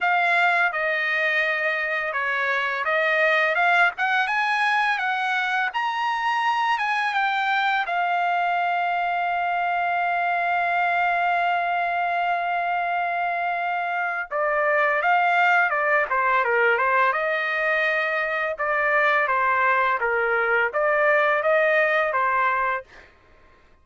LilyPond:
\new Staff \with { instrumentName = "trumpet" } { \time 4/4 \tempo 4 = 84 f''4 dis''2 cis''4 | dis''4 f''8 fis''8 gis''4 fis''4 | ais''4. gis''8 g''4 f''4~ | f''1~ |
f''1 | d''4 f''4 d''8 c''8 ais'8 c''8 | dis''2 d''4 c''4 | ais'4 d''4 dis''4 c''4 | }